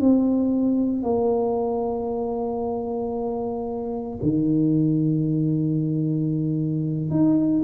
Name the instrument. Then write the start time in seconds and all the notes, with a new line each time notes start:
tuba
0.00 C4
1.03 A#3
4.22 D#3
7.11 D#4